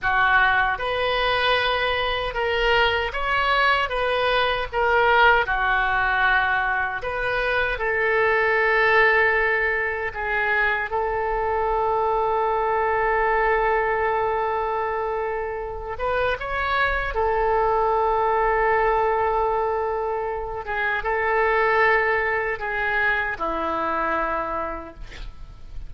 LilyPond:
\new Staff \with { instrumentName = "oboe" } { \time 4/4 \tempo 4 = 77 fis'4 b'2 ais'4 | cis''4 b'4 ais'4 fis'4~ | fis'4 b'4 a'2~ | a'4 gis'4 a'2~ |
a'1~ | a'8 b'8 cis''4 a'2~ | a'2~ a'8 gis'8 a'4~ | a'4 gis'4 e'2 | }